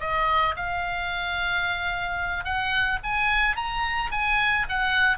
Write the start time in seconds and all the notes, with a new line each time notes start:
0.00 D#5
0.56 F5
2.44 F#5
3.03 G#5
3.56 A#5
4.11 G#5
4.69 F#5